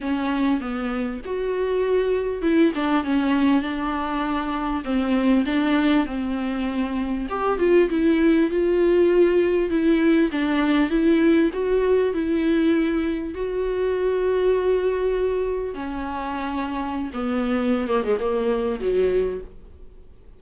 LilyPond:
\new Staff \with { instrumentName = "viola" } { \time 4/4 \tempo 4 = 99 cis'4 b4 fis'2 | e'8 d'8 cis'4 d'2 | c'4 d'4 c'2 | g'8 f'8 e'4 f'2 |
e'4 d'4 e'4 fis'4 | e'2 fis'2~ | fis'2 cis'2~ | cis'16 b4~ b16 ais16 gis16 ais4 fis4 | }